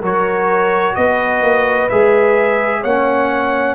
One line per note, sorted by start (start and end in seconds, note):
0.00 0.96 F#3
0.00 1.90 F#4
0.00 0.94 A#4
0.00 0.95 C#5
0.95 1.42 B3
0.95 2.81 B4
0.95 1.89 D#5
1.42 1.88 A#3
1.89 2.84 G#3
1.89 2.85 G#4
1.89 2.83 E5
2.81 3.75 A#3
2.81 3.75 C#4
2.81 3.74 C#5
2.81 3.75 F#5